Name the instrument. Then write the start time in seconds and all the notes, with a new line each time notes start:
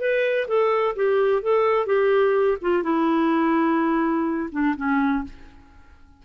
clarinet
0.00 B4
0.48 A4
0.96 G4
1.42 A4
1.86 G4
2.61 F4
2.83 E4
4.52 D4
4.77 C#4